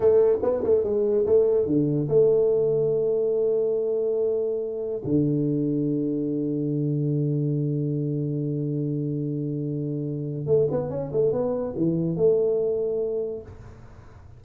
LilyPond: \new Staff \with { instrumentName = "tuba" } { \time 4/4 \tempo 4 = 143 a4 b8 a8 gis4 a4 | d4 a2.~ | a1 | d1~ |
d1~ | d1~ | d4 a8 b8 cis'8 a8 b4 | e4 a2. | }